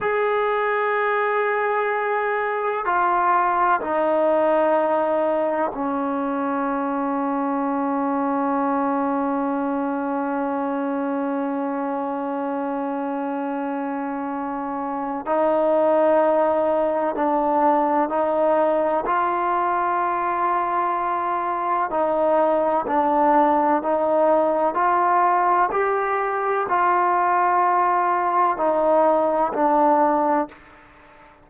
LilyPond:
\new Staff \with { instrumentName = "trombone" } { \time 4/4 \tempo 4 = 63 gis'2. f'4 | dis'2 cis'2~ | cis'1~ | cis'1 |
dis'2 d'4 dis'4 | f'2. dis'4 | d'4 dis'4 f'4 g'4 | f'2 dis'4 d'4 | }